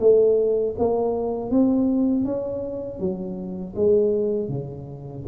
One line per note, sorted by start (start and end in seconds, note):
0.00 0.75 A3
0.79 1.50 A#3
1.50 2.25 C4
2.25 3.00 C#4
3.00 3.75 F#3
3.76 4.49 G#3
4.49 5.24 C#3